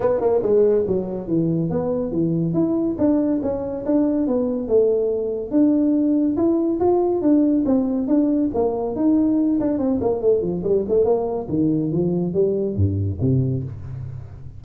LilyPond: \new Staff \with { instrumentName = "tuba" } { \time 4/4 \tempo 4 = 141 b8 ais8 gis4 fis4 e4 | b4 e4 e'4 d'4 | cis'4 d'4 b4 a4~ | a4 d'2 e'4 |
f'4 d'4 c'4 d'4 | ais4 dis'4. d'8 c'8 ais8 | a8 f8 g8 a8 ais4 dis4 | f4 g4 g,4 c4 | }